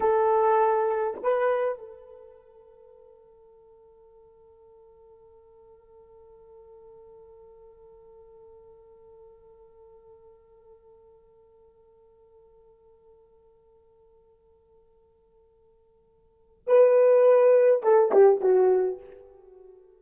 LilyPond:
\new Staff \with { instrumentName = "horn" } { \time 4/4 \tempo 4 = 101 a'2 b'4 a'4~ | a'1~ | a'1~ | a'1~ |
a'1~ | a'1~ | a'1 | b'2 a'8 g'8 fis'4 | }